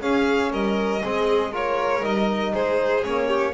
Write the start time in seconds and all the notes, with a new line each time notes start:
0.00 C#4 G#4 F5
0.51 G3 A#4 D#5
1.03 G#3 C4 G#4
1.51 F4 A#4 C#5
2.01 G3 D#4 D#5
2.54 G#3 G#4 C5
3.03 A#3 C#4 C#5
3.27 G4